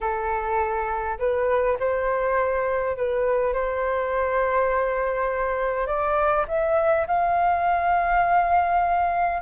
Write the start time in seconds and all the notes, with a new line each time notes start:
0.01 A4
1.18 B4
1.79 C5
2.96 B4
3.53 C5
5.87 D5
6.47 E5
7.07 F5